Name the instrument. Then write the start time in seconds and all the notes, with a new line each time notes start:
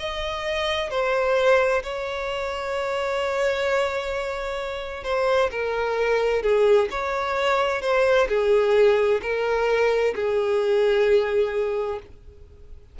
violin
0.00 D#5
0.90 C5
1.83 C#5
5.04 C5
5.51 A#4
6.43 G#4
6.91 C#5
7.82 C5
8.29 G#4
9.22 A#4
10.15 G#4